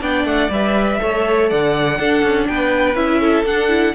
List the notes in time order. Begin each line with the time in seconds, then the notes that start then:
0.00 B3 D4 D5 G5
0.24 A3 F#5
0.50 G3 B4 E5
0.98 A3 A4 C#5
1.49 D3 D5 F#5
1.99 D4 A4
2.23 C#4
2.47 B3 B4 G5
2.95 C#4 E4 E5
3.20 A4
3.44 D4 F#5
3.69 E4